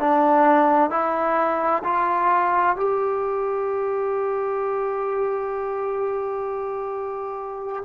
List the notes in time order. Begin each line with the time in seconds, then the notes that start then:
0.00 D4
0.91 E4
1.84 F4
2.77 G4